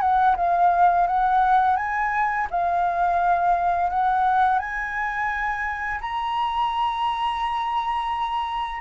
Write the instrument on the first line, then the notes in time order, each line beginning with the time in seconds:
flute
0.00 F#5
0.36 F5
1.07 F#5
1.76 G#5
2.50 F5
3.90 F#5
4.59 G#5
6.00 A#5